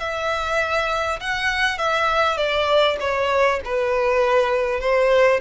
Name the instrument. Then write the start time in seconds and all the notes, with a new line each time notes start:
violin
0.00 E5
1.21 F#5
1.78 E5
2.37 D5
3.00 C#5
3.65 B4
4.81 C5